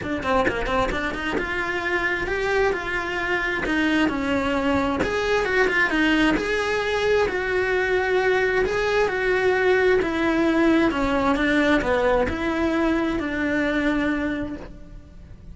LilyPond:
\new Staff \with { instrumentName = "cello" } { \time 4/4 \tempo 4 = 132 d'8 c'8 ais8 c'8 d'8 dis'8 f'4~ | f'4 g'4 f'2 | dis'4 cis'2 gis'4 | fis'8 f'8 dis'4 gis'2 |
fis'2. gis'4 | fis'2 e'2 | cis'4 d'4 b4 e'4~ | e'4 d'2. | }